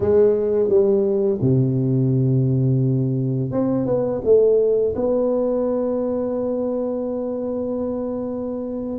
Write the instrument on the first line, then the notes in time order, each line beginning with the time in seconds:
tuba
0.00 G#3
0.68 G3
1.41 C3
3.51 C4
3.86 B3
4.24 A3
4.95 B3